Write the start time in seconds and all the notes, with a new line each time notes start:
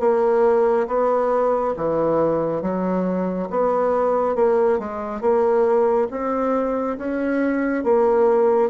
0.00 A#3
0.87 B3
1.77 E3
2.62 F#3
3.50 B3
4.36 A#3
4.79 G#3
5.21 A#3
6.11 C4
6.98 C#4
7.84 A#3